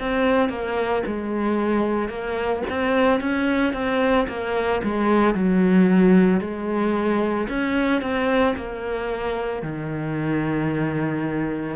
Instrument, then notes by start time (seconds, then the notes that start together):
cello
0.00 C4
0.50 A#3
1.07 G#3
2.09 A#3
2.70 C4
3.20 C#4
3.74 C4
4.28 A#3
4.84 G#3
5.35 F#3
6.41 G#3
7.49 C#4
8.02 C4
8.57 A#3
9.63 D#3